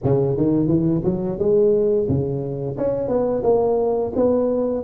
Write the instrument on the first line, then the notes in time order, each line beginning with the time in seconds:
tuba
0.03 C#3
0.36 D#3
0.67 E3
1.04 F#3
1.38 G#3
2.08 C#3
2.77 C#4
3.08 B3
3.43 A#3
4.15 B3